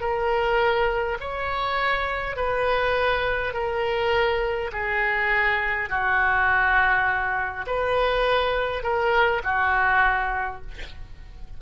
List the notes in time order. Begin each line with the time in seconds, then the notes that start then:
0.00 A#4
1.20 C#5
2.36 B4
3.53 A#4
4.72 G#4
5.89 F#4
7.66 B4
8.83 A#4
9.43 F#4